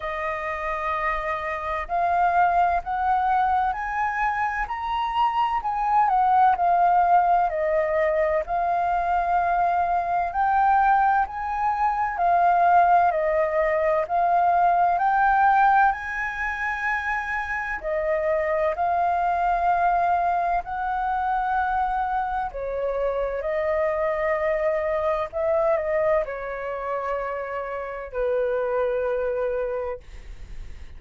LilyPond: \new Staff \with { instrumentName = "flute" } { \time 4/4 \tempo 4 = 64 dis''2 f''4 fis''4 | gis''4 ais''4 gis''8 fis''8 f''4 | dis''4 f''2 g''4 | gis''4 f''4 dis''4 f''4 |
g''4 gis''2 dis''4 | f''2 fis''2 | cis''4 dis''2 e''8 dis''8 | cis''2 b'2 | }